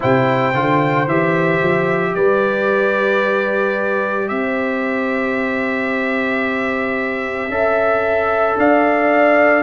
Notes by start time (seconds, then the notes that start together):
0.00 C3 E4 C5 G5
0.53 D3 F4
1.07 E3 G4 E5
1.62 F3
2.15 G3 B4 D5
4.28 C4 C5 E5
7.48 C#4 A4 E5
8.57 D4 D5 F5